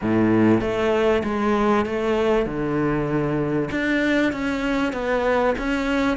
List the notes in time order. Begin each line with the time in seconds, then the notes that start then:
0.01 A2
0.60 A3
1.23 G#3
1.85 A3
2.46 D3
3.71 D4
4.32 C#4
4.92 B3
5.58 C#4